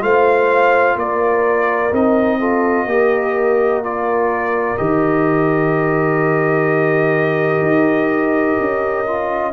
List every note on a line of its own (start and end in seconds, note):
0.00 0.96 A3
0.00 1.90 F4
0.00 0.98 C5
0.00 0.98 F5
0.96 1.91 A#3
0.96 2.39 A#4
0.96 1.94 D5
1.92 2.85 C4
1.92 2.40 D#4
1.92 3.84 D#5
2.39 2.87 F4
2.39 2.87 A4
2.85 4.75 A#3
2.85 3.83 G4
2.85 9.53 A#4
3.83 4.77 F4
3.83 4.77 D5
4.77 7.61 D#3
4.77 9.05 G4
4.77 9.53 D#5
7.61 8.56 D#4
8.60 9.53 C#4
9.07 9.53 F4